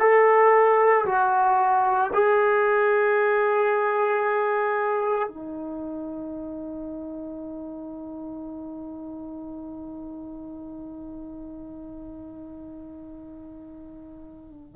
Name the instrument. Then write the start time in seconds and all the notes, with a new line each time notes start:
trombone
0.00 A4
1.05 F#4
2.13 G#4
5.29 D#4